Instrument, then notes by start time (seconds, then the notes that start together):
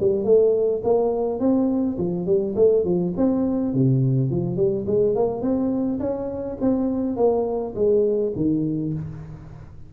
tuba
0.00 G3
0.24 A3
0.83 A#3
1.39 C4
1.98 F3
2.26 G3
2.55 A3
2.84 F3
3.17 C4
3.73 C3
4.30 F3
4.56 G3
4.87 G#3
5.15 A#3
5.41 C4
5.99 C#4
6.61 C4
7.16 A#3
7.75 G#3
8.35 D#3